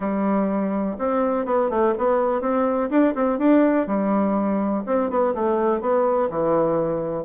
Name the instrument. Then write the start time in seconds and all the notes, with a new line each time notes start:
bassoon
0.00 G3
0.98 C4
1.45 B3
1.70 A3
1.98 B3
2.41 C4
2.89 D4
3.14 C4
3.38 D4
3.87 G3
4.86 C4
5.10 B3
5.34 A3
5.81 B3
6.29 E3